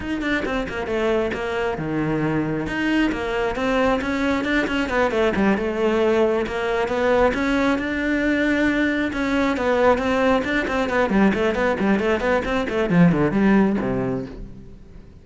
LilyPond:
\new Staff \with { instrumentName = "cello" } { \time 4/4 \tempo 4 = 135 dis'8 d'8 c'8 ais8 a4 ais4 | dis2 dis'4 ais4 | c'4 cis'4 d'8 cis'8 b8 a8 | g8 a2 ais4 b8~ |
b8 cis'4 d'2~ d'8~ | d'8 cis'4 b4 c'4 d'8 | c'8 b8 g8 a8 b8 g8 a8 b8 | c'8 a8 f8 d8 g4 c4 | }